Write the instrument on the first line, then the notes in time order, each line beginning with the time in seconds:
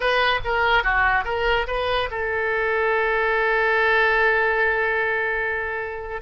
oboe
0.00 B4
0.44 A#4
0.83 F#4
1.24 A#4
1.67 B4
2.10 A4